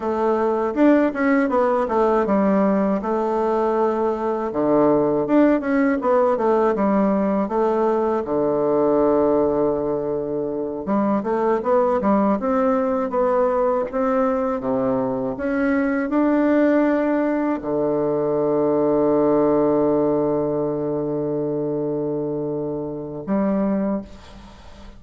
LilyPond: \new Staff \with { instrumentName = "bassoon" } { \time 4/4 \tempo 4 = 80 a4 d'8 cis'8 b8 a8 g4 | a2 d4 d'8 cis'8 | b8 a8 g4 a4 d4~ | d2~ d8 g8 a8 b8 |
g8 c'4 b4 c'4 c8~ | c8 cis'4 d'2 d8~ | d1~ | d2. g4 | }